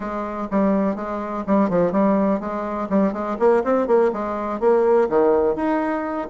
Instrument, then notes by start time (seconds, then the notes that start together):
bassoon
0.00 G#3
0.50 G3
0.95 G#3
1.46 G3
1.69 F3
1.92 G3
2.40 G#3
2.89 G3
3.13 G#3
3.39 A#3
3.64 C4
3.87 A#3
4.13 G#3
4.60 A#3
5.09 D#3
5.55 D#4